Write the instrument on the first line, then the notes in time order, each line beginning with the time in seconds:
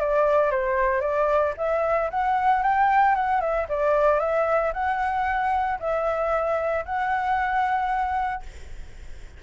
flute
0.00 D5
0.51 C5
1.01 D5
1.57 E5
2.10 F#5
2.63 G5
3.15 F#5
3.41 E5
3.69 D5
4.20 E5
4.73 F#5
5.80 E5
6.85 F#5